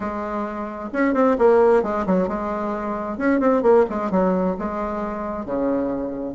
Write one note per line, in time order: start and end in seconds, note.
0.00 0.90 G#3
0.92 1.14 C#4
1.14 1.36 C4
1.38 1.83 A#3
1.83 2.05 G#3
2.06 2.27 F#3
2.27 3.17 G#3
3.17 3.39 C#4
3.39 3.62 C4
3.62 3.85 A#3
3.89 4.10 G#3
4.10 4.56 F#3
4.58 5.45 G#3
5.45 6.34 C#3